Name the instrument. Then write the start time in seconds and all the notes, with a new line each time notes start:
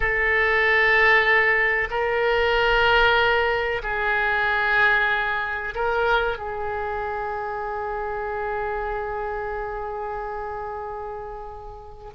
oboe
0.00 A4
1.90 A#4
3.83 G#4
5.74 A#4
6.38 G#4